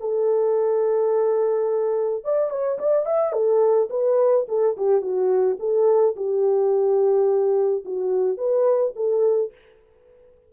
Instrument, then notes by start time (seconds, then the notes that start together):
horn
0.00 A4
2.24 D5
2.50 C#5
2.79 D5
3.06 E5
3.32 A4
3.90 B4
4.48 A4
4.77 G4
5.01 F#4
5.59 A4
6.16 G4
7.85 F#4
8.37 B4
8.96 A4